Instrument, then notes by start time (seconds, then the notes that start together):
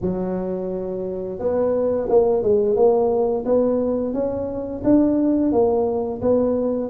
tuba
0.01 F#3
1.39 B3
2.09 A#3
2.43 G#3
2.76 A#3
3.45 B3
4.13 C#4
4.83 D4
5.52 A#3
6.21 B3